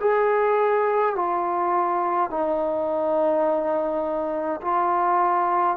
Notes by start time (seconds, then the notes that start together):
0.00 G#4
1.15 F4
2.30 D#4
4.61 F4